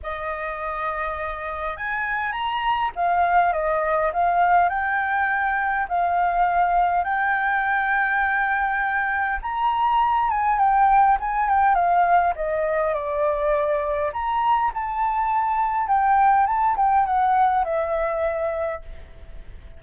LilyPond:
\new Staff \with { instrumentName = "flute" } { \time 4/4 \tempo 4 = 102 dis''2. gis''4 | ais''4 f''4 dis''4 f''4 | g''2 f''2 | g''1 |
ais''4. gis''8 g''4 gis''8 g''8 | f''4 dis''4 d''2 | ais''4 a''2 g''4 | a''8 g''8 fis''4 e''2 | }